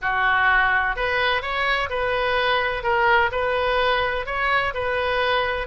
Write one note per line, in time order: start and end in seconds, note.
0.01 0.96 F#4
0.96 1.42 B4
1.42 1.89 C#5
1.89 2.83 B4
2.83 3.30 A#4
3.31 4.26 B4
4.26 4.73 C#5
4.74 5.67 B4